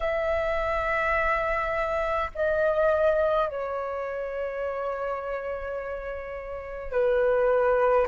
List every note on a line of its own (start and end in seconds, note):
0.00 2.30 E5
2.34 3.49 D#5
3.49 6.92 C#5
6.92 8.07 B4